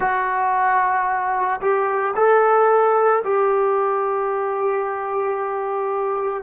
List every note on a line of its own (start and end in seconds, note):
0.00 1.60 F#4
1.61 2.14 G4
2.16 3.23 A4
3.24 6.43 G4